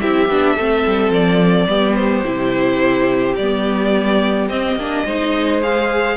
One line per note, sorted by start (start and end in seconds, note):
0.00 0.29 C4
0.00 0.29 E4
0.00 0.55 G4
0.00 1.12 E5
0.29 0.57 B3
0.29 0.58 D4
0.55 0.85 A3
0.55 1.69 C4
0.55 1.68 A4
0.86 1.10 G3
1.10 1.66 F3
1.10 1.95 D5
1.67 2.23 G3
1.67 2.25 B3
1.67 5.05 G4
1.95 3.35 C5
2.25 3.38 C3
2.25 3.37 E4
3.36 4.49 G3
3.36 4.50 B3
3.36 4.48 D5
4.49 4.75 C4
4.49 4.78 C4
4.49 5.61 D#5
4.75 5.03 A#3
4.75 5.07 D4
5.05 6.16 G#3
5.05 5.62 D#4
5.05 6.16 C5
5.62 6.16 G#4
5.62 6.16 F5